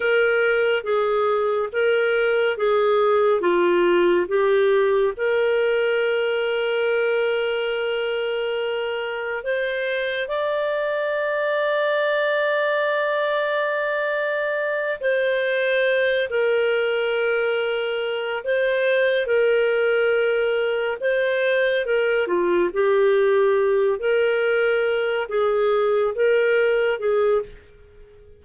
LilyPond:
\new Staff \with { instrumentName = "clarinet" } { \time 4/4 \tempo 4 = 70 ais'4 gis'4 ais'4 gis'4 | f'4 g'4 ais'2~ | ais'2. c''4 | d''1~ |
d''4. c''4. ais'4~ | ais'4. c''4 ais'4.~ | ais'8 c''4 ais'8 f'8 g'4. | ais'4. gis'4 ais'4 gis'8 | }